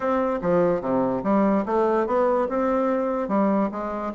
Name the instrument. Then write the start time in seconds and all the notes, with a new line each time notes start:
bassoon
0.00 C4
0.41 F3
0.81 C3
1.23 G3
1.65 A3
2.06 B3
2.48 C4
3.28 G3
3.71 G#3